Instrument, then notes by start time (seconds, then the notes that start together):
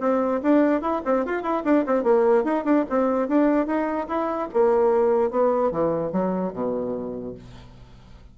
bassoon
0.00 C4
0.42 D4
0.81 E4
1.05 C4
1.25 F4
1.42 E4
1.64 D4
1.86 C4
2.03 A#3
2.44 D#4
2.64 D4
2.89 C4
3.28 D4
3.66 D#4
4.08 E4
4.53 A#3
5.30 B3
5.71 E3
6.12 F#3
6.53 B2